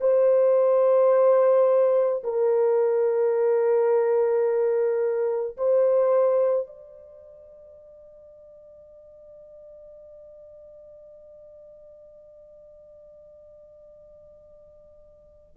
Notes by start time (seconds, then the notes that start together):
0.00 C5
2.23 A#4
5.57 C5
6.67 D5